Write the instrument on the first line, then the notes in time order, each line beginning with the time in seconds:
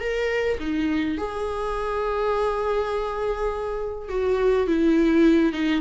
viola
0.00 A#4
0.60 D#4
1.18 G#4
4.09 F#4
4.67 E4
5.53 D#4